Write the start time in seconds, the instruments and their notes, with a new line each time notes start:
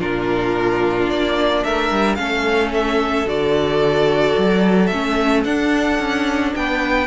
0.00 cello A#2, viola D4, violin F4 A#4
1.09 cello A#3, violin D5
1.63 cello A3, violin A#4 E5
1.91 cello G3
2.15 cello A3, viola C#4, violin A4 F5
2.74 violin E5
3.25 cello D3, viola F#4, violin D5
4.38 cello F#3
4.86 cello A3, viola C#4, violin E5
5.44 cello D4, viola D4, violin F#5
5.99 cello C#4
6.56 cello B3, violin B4 G5